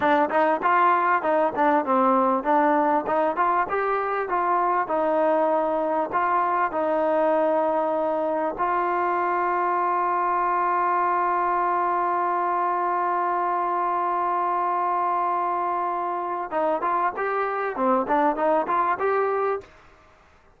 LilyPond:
\new Staff \with { instrumentName = "trombone" } { \time 4/4 \tempo 4 = 98 d'8 dis'8 f'4 dis'8 d'8 c'4 | d'4 dis'8 f'8 g'4 f'4 | dis'2 f'4 dis'4~ | dis'2 f'2~ |
f'1~ | f'1~ | f'2. dis'8 f'8 | g'4 c'8 d'8 dis'8 f'8 g'4 | }